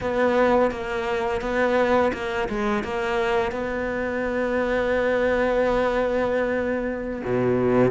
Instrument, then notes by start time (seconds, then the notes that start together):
cello
0.00 B3
0.71 A#3
1.41 B3
2.13 A#3
2.48 G#3
2.83 A#3
3.51 B3
7.24 B2